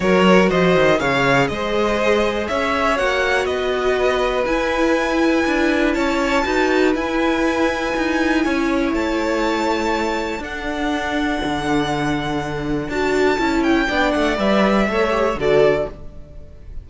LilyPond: <<
  \new Staff \with { instrumentName = "violin" } { \time 4/4 \tempo 4 = 121 cis''4 dis''4 f''4 dis''4~ | dis''4 e''4 fis''4 dis''4~ | dis''4 gis''2. | a''2 gis''2~ |
gis''2 a''2~ | a''4 fis''2.~ | fis''2 a''4. g''8~ | g''8 fis''8 e''2 d''4 | }
  \new Staff \with { instrumentName = "violin" } { \time 4/4 ais'4 c''4 cis''4 c''4~ | c''4 cis''2 b'4~ | b'1 | cis''4 b'2.~ |
b'4 cis''2.~ | cis''4 a'2.~ | a'1 | d''2 cis''4 a'4 | }
  \new Staff \with { instrumentName = "viola" } { \time 4/4 fis'2 gis'2~ | gis'2 fis'2~ | fis'4 e'2.~ | e'4 fis'4 e'2~ |
e'1~ | e'4 d'2.~ | d'2 fis'4 e'4 | d'4 b'4 a'8 g'8 fis'4 | }
  \new Staff \with { instrumentName = "cello" } { \time 4/4 fis4 f8 dis8 cis4 gis4~ | gis4 cis'4 ais4 b4~ | b4 e'2 d'4 | cis'4 dis'4 e'2 |
dis'4 cis'4 a2~ | a4 d'2 d4~ | d2 d'4 cis'4 | b8 a8 g4 a4 d4 | }
>>